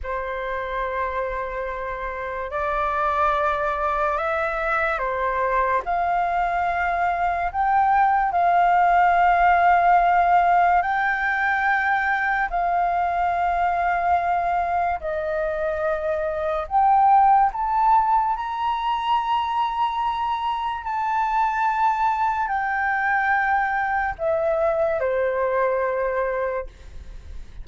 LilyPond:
\new Staff \with { instrumentName = "flute" } { \time 4/4 \tempo 4 = 72 c''2. d''4~ | d''4 e''4 c''4 f''4~ | f''4 g''4 f''2~ | f''4 g''2 f''4~ |
f''2 dis''2 | g''4 a''4 ais''2~ | ais''4 a''2 g''4~ | g''4 e''4 c''2 | }